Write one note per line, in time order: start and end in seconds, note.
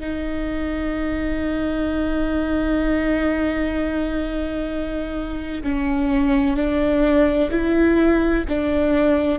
0.00 5.62 D#4
5.63 6.56 C#4
6.56 7.50 D4
7.50 8.44 E4
8.48 9.39 D4